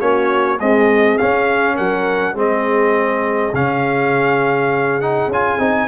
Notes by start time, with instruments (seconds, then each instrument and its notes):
0.00 tuba A#3, trombone C#4, horn F#4, trumpet C#5
0.60 trombone G#3, tuba C4, horn G#4, trumpet D#5
1.18 trombone C#4, tuba C#4, trumpet F5
1.75 tuba F#3, horn A#4, trumpet F#5
2.35 tuba G#3, trombone C4, horn G#4, trumpet D#5
3.53 tuba C#3, trombone C#4, trumpet F5
5.01 trombone D#4, trumpet F#5
5.28 tuba C#4, trombone F4, trumpet G#5
5.59 tuba C4, trombone D#4